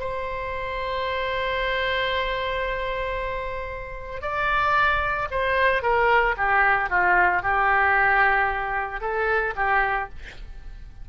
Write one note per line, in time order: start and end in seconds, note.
0.00 4.22 C5
4.22 5.28 D5
5.31 5.82 C5
5.82 6.35 A#4
6.37 6.90 G4
6.90 7.43 F4
7.43 9.01 G4
9.01 9.54 A4
9.56 10.09 G4